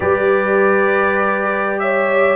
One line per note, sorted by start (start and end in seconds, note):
0.00 2.35 G3
0.00 2.35 G4
0.00 1.80 B4
0.00 1.79 D5
1.79 2.35 C#5
1.79 2.35 E5